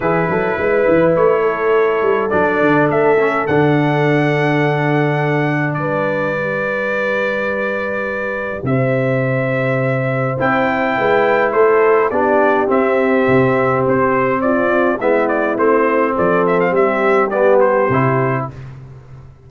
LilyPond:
<<
  \new Staff \with { instrumentName = "trumpet" } { \time 4/4 \tempo 4 = 104 b'2 cis''2 | d''4 e''4 fis''2~ | fis''2 d''2~ | d''2. e''4~ |
e''2 g''2 | c''4 d''4 e''2 | c''4 d''4 e''8 d''8 c''4 | d''8 e''16 f''16 e''4 d''8 c''4. | }
  \new Staff \with { instrumentName = "horn" } { \time 4/4 gis'8 a'8 b'4. a'4.~ | a'1~ | a'2 b'2~ | b'2. c''4~ |
c''2. b'4 | a'4 g'2.~ | g'4 f'4 e'2 | a'4 g'2. | }
  \new Staff \with { instrumentName = "trombone" } { \time 4/4 e'1 | d'4. cis'8 d'2~ | d'2. g'4~ | g'1~ |
g'2 e'2~ | e'4 d'4 c'2~ | c'2 b4 c'4~ | c'2 b4 e'4 | }
  \new Staff \with { instrumentName = "tuba" } { \time 4/4 e8 fis8 gis8 e8 a4. g8 | fis8 d8 a4 d2~ | d2 g2~ | g2. c4~ |
c2 c'4 gis4 | a4 b4 c'4 c4 | c'2 gis4 a4 | f4 g2 c4 | }
>>